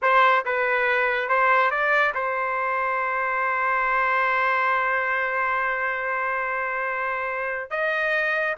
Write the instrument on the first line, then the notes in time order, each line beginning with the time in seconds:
trumpet
0.02 C5
0.45 B4
1.28 C5
1.70 D5
2.14 C5
7.70 D#5